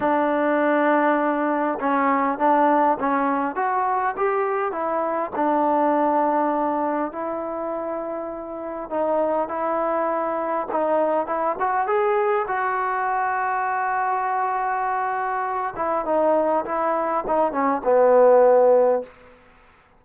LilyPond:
\new Staff \with { instrumentName = "trombone" } { \time 4/4 \tempo 4 = 101 d'2. cis'4 | d'4 cis'4 fis'4 g'4 | e'4 d'2. | e'2. dis'4 |
e'2 dis'4 e'8 fis'8 | gis'4 fis'2.~ | fis'2~ fis'8 e'8 dis'4 | e'4 dis'8 cis'8 b2 | }